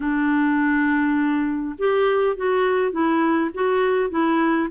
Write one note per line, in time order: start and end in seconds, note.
0.00 1.76 D4
1.78 2.36 G4
2.36 2.91 F#4
2.91 3.50 E4
3.53 4.10 F#4
4.10 4.68 E4